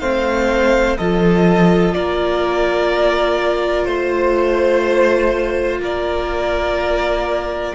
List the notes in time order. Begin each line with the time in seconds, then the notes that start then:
0.00 A3 C4 C5 F5
0.97 F3 F4 A4 D#5
1.94 A#3 A#4 D5
3.85 A3 C5
5.79 A#3 A#4 D5